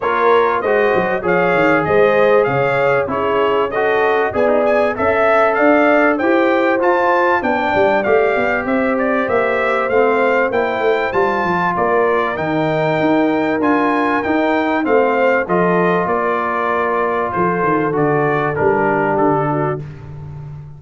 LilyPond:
<<
  \new Staff \with { instrumentName = "trumpet" } { \time 4/4 \tempo 4 = 97 cis''4 dis''4 f''4 dis''4 | f''4 cis''4 dis''4 gis''16 dis'16 gis''8 | e''4 f''4 g''4 a''4 | g''4 f''4 e''8 d''8 e''4 |
f''4 g''4 a''4 d''4 | g''2 gis''4 g''4 | f''4 dis''4 d''2 | c''4 d''4 ais'4 a'4 | }
  \new Staff \with { instrumentName = "horn" } { \time 4/4 ais'4 c''4 cis''4 c''4 | cis''4 gis'4 a'4 d''4 | e''4 d''4 c''2 | d''2 c''2~ |
c''2. ais'4~ | ais'1 | c''4 a'4 ais'2 | a'2~ a'8 g'4 fis'8 | }
  \new Staff \with { instrumentName = "trombone" } { \time 4/4 f'4 fis'4 gis'2~ | gis'4 e'4 fis'4 gis'4 | a'2 g'4 f'4 | d'4 g'2. |
c'4 e'4 f'2 | dis'2 f'4 dis'4 | c'4 f'2.~ | f'4 fis'4 d'2 | }
  \new Staff \with { instrumentName = "tuba" } { \time 4/4 ais4 gis8 fis8 f8 dis8 gis4 | cis4 cis'2 b4 | cis'4 d'4 e'4 f'4 | b8 g8 a8 b8 c'4 ais4 |
a4 ais8 a8 g8 f8 ais4 | dis4 dis'4 d'4 dis'4 | a4 f4 ais2 | f8 dis8 d4 g4 d4 | }
>>